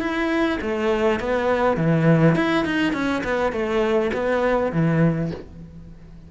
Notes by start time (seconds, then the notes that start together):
0.00 E4
0.61 A3
1.20 B3
1.77 E3
2.35 E4
2.65 D#4
2.93 C#4
3.24 B3
3.52 A3
4.13 B3
4.72 E3